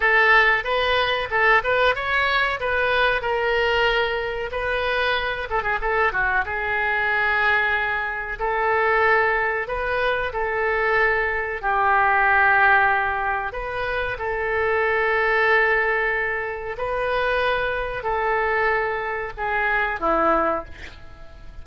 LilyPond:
\new Staff \with { instrumentName = "oboe" } { \time 4/4 \tempo 4 = 93 a'4 b'4 a'8 b'8 cis''4 | b'4 ais'2 b'4~ | b'8 a'16 gis'16 a'8 fis'8 gis'2~ | gis'4 a'2 b'4 |
a'2 g'2~ | g'4 b'4 a'2~ | a'2 b'2 | a'2 gis'4 e'4 | }